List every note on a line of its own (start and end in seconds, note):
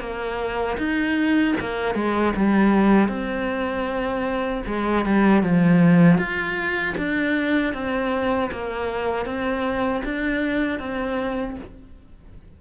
0.00 0.77 A#3
0.77 1.54 D#4
1.60 1.94 A#3
1.94 2.33 G#3
2.36 3.08 G3
3.08 4.62 C4
4.66 5.05 G#3
5.05 5.43 G3
5.43 6.17 F3
6.17 6.94 F4
6.97 7.73 D4
7.73 8.50 C4
8.51 9.25 A#3
9.25 10.02 C4
10.04 10.79 D4
10.79 11.56 C4